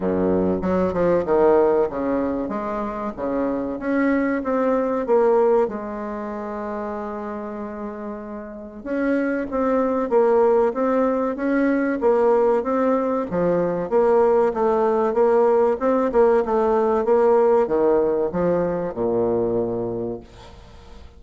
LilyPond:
\new Staff \with { instrumentName = "bassoon" } { \time 4/4 \tempo 4 = 95 fis,4 fis8 f8 dis4 cis4 | gis4 cis4 cis'4 c'4 | ais4 gis2.~ | gis2 cis'4 c'4 |
ais4 c'4 cis'4 ais4 | c'4 f4 ais4 a4 | ais4 c'8 ais8 a4 ais4 | dis4 f4 ais,2 | }